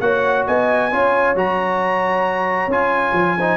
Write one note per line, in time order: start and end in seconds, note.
0.00 0.45 A#3
0.00 0.91 F#4
0.00 0.47 C#5
0.00 0.45 F#5
0.47 0.92 B3
0.47 0.91 D#5
0.47 1.36 G#5
0.91 1.35 C#4
0.91 1.36 F4
0.91 3.38 C#5
1.35 2.67 F#3
1.35 2.70 F#4
1.35 2.72 A#5
2.67 3.12 C#4
2.67 3.38 F4
2.67 3.57 G#5
3.13 3.57 F3
3.38 3.57 D#4
3.38 3.57 C5